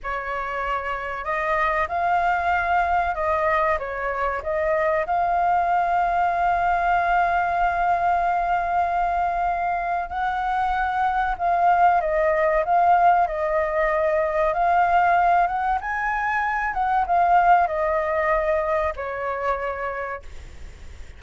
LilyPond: \new Staff \with { instrumentName = "flute" } { \time 4/4 \tempo 4 = 95 cis''2 dis''4 f''4~ | f''4 dis''4 cis''4 dis''4 | f''1~ | f''1 |
fis''2 f''4 dis''4 | f''4 dis''2 f''4~ | f''8 fis''8 gis''4. fis''8 f''4 | dis''2 cis''2 | }